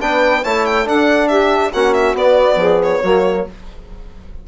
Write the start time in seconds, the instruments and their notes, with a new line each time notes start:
0.00 bassoon B3, trombone D4, saxophone B4, violin G5
0.42 bassoon A3, trombone E4, saxophone C#5, violin A5
0.66 violin G5
0.85 trombone D4, bassoon D4, saxophone A4, violin F#5
1.28 saxophone G4, violin E5
1.71 bassoon A#3, trombone C#4, saxophone F#4, violin F#5
1.94 violin E5
2.13 bassoon B3, trombone B3, violin D5
2.56 bassoon F3, saxophone G#4
2.83 violin C#5
3.01 bassoon F#3, trombone A#3, saxophone F#4